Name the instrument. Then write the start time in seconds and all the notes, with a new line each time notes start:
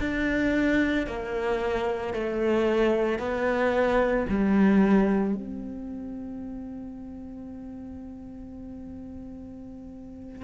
cello
0.00 D4
1.07 A#3
2.14 A3
3.19 B3
4.29 G3
5.35 C4